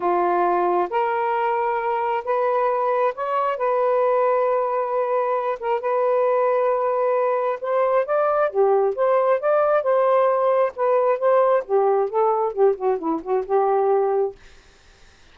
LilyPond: \new Staff \with { instrumentName = "saxophone" } { \time 4/4 \tempo 4 = 134 f'2 ais'2~ | ais'4 b'2 cis''4 | b'1~ | b'8 ais'8 b'2.~ |
b'4 c''4 d''4 g'4 | c''4 d''4 c''2 | b'4 c''4 g'4 a'4 | g'8 fis'8 e'8 fis'8 g'2 | }